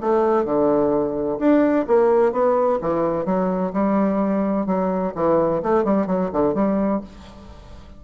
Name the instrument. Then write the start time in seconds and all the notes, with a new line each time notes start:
bassoon
0.00 A3
0.45 D3
1.38 D4
1.87 A#3
2.32 B3
2.81 E3
3.25 F#3
3.73 G3
4.66 F#3
5.15 E3
5.62 A3
5.84 G3
6.06 F#3
6.32 D3
6.54 G3